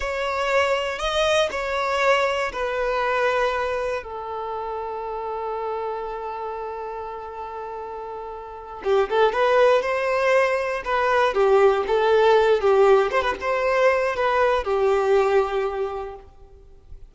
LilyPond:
\new Staff \with { instrumentName = "violin" } { \time 4/4 \tempo 4 = 119 cis''2 dis''4 cis''4~ | cis''4 b'2. | a'1~ | a'1~ |
a'4. g'8 a'8 b'4 c''8~ | c''4. b'4 g'4 a'8~ | a'4 g'4 c''16 b'16 c''4. | b'4 g'2. | }